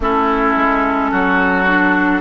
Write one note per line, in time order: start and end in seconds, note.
0.00 0.55 A3
0.00 1.66 C#4
0.00 1.11 E4
0.00 2.21 A4
0.56 1.11 G#3
1.11 2.21 F#3
1.11 2.21 F#4
1.66 2.21 D4